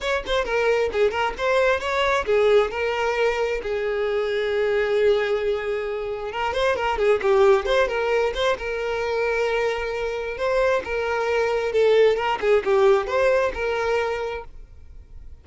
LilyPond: \new Staff \with { instrumentName = "violin" } { \time 4/4 \tempo 4 = 133 cis''8 c''8 ais'4 gis'8 ais'8 c''4 | cis''4 gis'4 ais'2 | gis'1~ | gis'2 ais'8 c''8 ais'8 gis'8 |
g'4 c''8 ais'4 c''8 ais'4~ | ais'2. c''4 | ais'2 a'4 ais'8 gis'8 | g'4 c''4 ais'2 | }